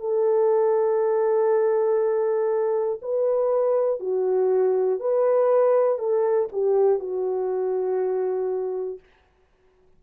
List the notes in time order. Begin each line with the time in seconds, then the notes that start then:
0.00 A4
3.01 B4
4.00 F#4
5.00 B4
5.99 A4
6.52 G4
7.00 F#4